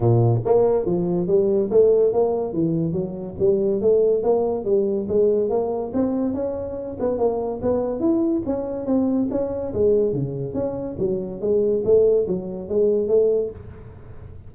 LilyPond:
\new Staff \with { instrumentName = "tuba" } { \time 4/4 \tempo 4 = 142 ais,4 ais4 f4 g4 | a4 ais4 e4 fis4 | g4 a4 ais4 g4 | gis4 ais4 c'4 cis'4~ |
cis'8 b8 ais4 b4 e'4 | cis'4 c'4 cis'4 gis4 | cis4 cis'4 fis4 gis4 | a4 fis4 gis4 a4 | }